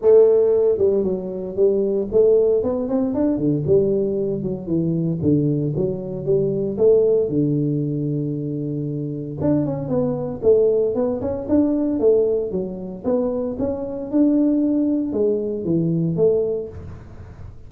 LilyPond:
\new Staff \with { instrumentName = "tuba" } { \time 4/4 \tempo 4 = 115 a4. g8 fis4 g4 | a4 b8 c'8 d'8 d8 g4~ | g8 fis8 e4 d4 fis4 | g4 a4 d2~ |
d2 d'8 cis'8 b4 | a4 b8 cis'8 d'4 a4 | fis4 b4 cis'4 d'4~ | d'4 gis4 e4 a4 | }